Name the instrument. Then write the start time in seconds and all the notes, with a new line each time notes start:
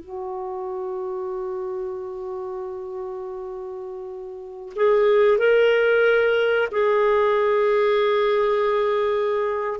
clarinet
0.00 F#4
4.75 G#4
5.38 A#4
6.71 G#4